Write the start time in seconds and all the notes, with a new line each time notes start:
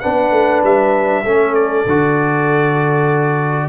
0.00 B3 D4 B4 F#5
0.31 A3
0.63 G3 E5
1.23 A3 C#4 A4
1.54 D5
1.86 D3 F#4